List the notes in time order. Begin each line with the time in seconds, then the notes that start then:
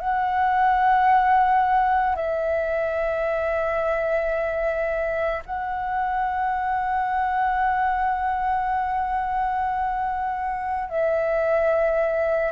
0.00 F#5
2.16 E5
5.46 F#5
10.89 E5